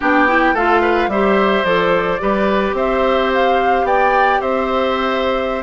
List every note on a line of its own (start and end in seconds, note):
0.00 0.53 B3
0.00 0.28 D4
0.00 0.53 G4
0.00 0.56 G5
0.28 0.55 E4
0.53 1.07 A3
0.53 1.11 F4
0.53 0.81 A4
0.53 1.10 F5
0.81 1.08 B4
1.07 1.62 G3
1.07 1.65 G4
1.07 2.21 C5
1.07 1.65 E5
1.64 2.19 F3
1.64 2.19 A4
1.64 2.75 D5
2.19 2.72 G3
2.19 5.63 G4
2.19 2.75 B4
2.72 3.83 C4
2.72 3.86 C5
2.72 3.31 E5
3.33 3.86 F5
3.83 4.38 B3
3.83 4.41 D5
3.83 4.41 G5
4.41 5.63 C4
4.41 5.63 C5
4.41 5.63 E5